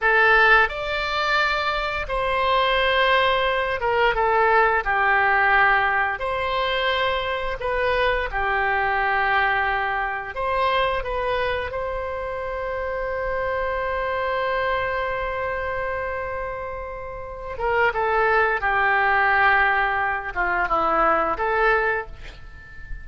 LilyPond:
\new Staff \with { instrumentName = "oboe" } { \time 4/4 \tempo 4 = 87 a'4 d''2 c''4~ | c''4. ais'8 a'4 g'4~ | g'4 c''2 b'4 | g'2. c''4 |
b'4 c''2.~ | c''1~ | c''4. ais'8 a'4 g'4~ | g'4. f'8 e'4 a'4 | }